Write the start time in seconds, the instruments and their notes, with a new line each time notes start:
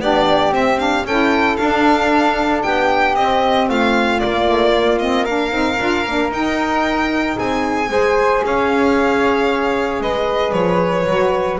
0.00 double bass B3, saxophone D4, flute G4, violin D5
0.52 double bass C4, saxophone C4, violin E5
0.79 saxophone D4, violin F5
1.05 double bass C#4, saxophone E4, flute A4, violin G5
1.57 double bass D4, saxophone D4, violin F5
2.63 double bass B3, flute G4, violin G5
3.15 double bass C4, saxophone C4, violin D#5
3.69 double bass A3, flute F4, violin F5
4.20 saxophone A#3, double bass A#3, violin D5
4.47 saxophone A3
4.76 saxophone A#3
4.99 saxophone C4, violin D#5
5.25 saxophone D4, flute A#4, violin F5
5.52 double bass C4, saxophone D#4
5.79 double bass D4, saxophone F4
6.06 double bass A#3, saxophone D4
6.32 double bass D#4, saxophone D#4, violin G5
7.36 double bass C4, flute G#4, violin G#5
7.88 double bass G#3, saxophone G#4, flute C5
8.44 double bass C#4, flute C#5, violin F5
10.00 double bass G#3, flute B4, violin D#5
10.53 double bass F3, violin C#5
11.06 double bass F#3, saxophone F#4